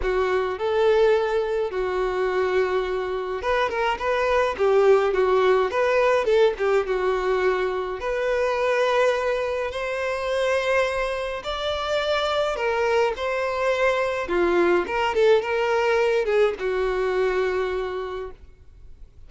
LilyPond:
\new Staff \with { instrumentName = "violin" } { \time 4/4 \tempo 4 = 105 fis'4 a'2 fis'4~ | fis'2 b'8 ais'8 b'4 | g'4 fis'4 b'4 a'8 g'8 | fis'2 b'2~ |
b'4 c''2. | d''2 ais'4 c''4~ | c''4 f'4 ais'8 a'8 ais'4~ | ais'8 gis'8 fis'2. | }